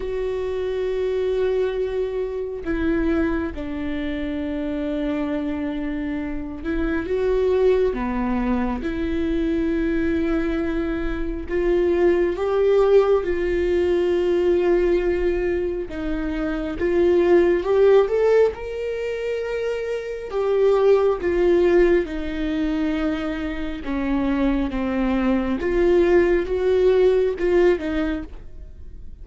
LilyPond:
\new Staff \with { instrumentName = "viola" } { \time 4/4 \tempo 4 = 68 fis'2. e'4 | d'2.~ d'8 e'8 | fis'4 b4 e'2~ | e'4 f'4 g'4 f'4~ |
f'2 dis'4 f'4 | g'8 a'8 ais'2 g'4 | f'4 dis'2 cis'4 | c'4 f'4 fis'4 f'8 dis'8 | }